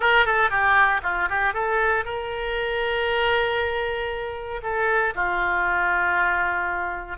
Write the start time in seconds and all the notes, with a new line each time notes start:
0.00 A#4
0.25 A4
0.50 G4
1.03 F4
1.29 G4
1.53 A4
2.04 A#4
4.62 A4
5.14 F4